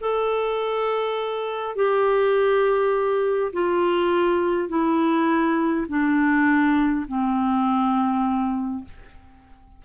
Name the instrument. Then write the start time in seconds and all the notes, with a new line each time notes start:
clarinet
0.00 A4
1.75 G4
3.53 F4
4.68 E4
5.88 D4
7.07 C4